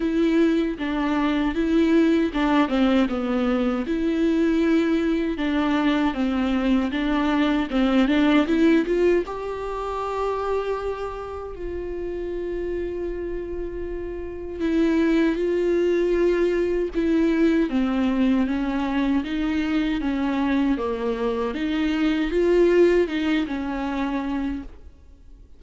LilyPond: \new Staff \with { instrumentName = "viola" } { \time 4/4 \tempo 4 = 78 e'4 d'4 e'4 d'8 c'8 | b4 e'2 d'4 | c'4 d'4 c'8 d'8 e'8 f'8 | g'2. f'4~ |
f'2. e'4 | f'2 e'4 c'4 | cis'4 dis'4 cis'4 ais4 | dis'4 f'4 dis'8 cis'4. | }